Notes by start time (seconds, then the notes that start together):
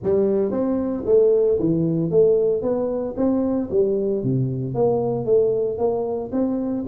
0.03 G3
0.51 C4
1.05 A3
1.59 E3
2.10 A3
2.62 B3
3.16 C4
3.70 G3
4.23 C3
4.74 A#3
5.25 A3
5.78 A#3
6.32 C4